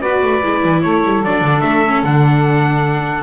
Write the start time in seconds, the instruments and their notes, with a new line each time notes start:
0.00 double bass B3, viola F#4, saxophone B4, trumpet D5
0.22 double bass A3
0.43 double bass G#3, viola E4
0.63 double bass E3
0.81 double bass A3, saxophone A4, trumpet C#5
1.04 double bass G3
1.22 double bass F#3, viola D4, trumpet D5
1.41 double bass D3
1.60 double bass A3, trumpet E5
1.86 viola C#4
2.02 double bass D3, viola D4, trumpet F#5